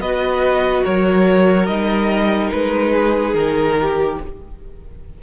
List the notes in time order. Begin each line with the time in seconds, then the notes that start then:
0.00 B3 F#4 B4 D#5
0.84 F#3 A#4 C#5
1.67 G3 D#4 D#5
2.52 G#3 B4
2.92 G#4
3.34 D#3 A#4
3.81 G4